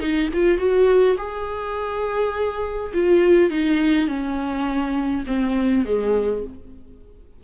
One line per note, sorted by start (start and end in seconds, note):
0.00 0.29 D#4
0.34 0.58 F4
0.58 1.16 F#4
1.18 2.92 G#4
2.93 3.50 F4
3.50 4.08 D#4
4.08 5.24 C#4
5.27 5.85 C4
5.85 6.43 G#3